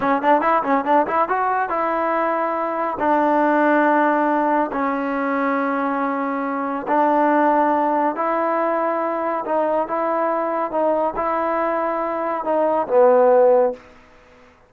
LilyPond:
\new Staff \with { instrumentName = "trombone" } { \time 4/4 \tempo 4 = 140 cis'8 d'8 e'8 cis'8 d'8 e'8 fis'4 | e'2. d'4~ | d'2. cis'4~ | cis'1 |
d'2. e'4~ | e'2 dis'4 e'4~ | e'4 dis'4 e'2~ | e'4 dis'4 b2 | }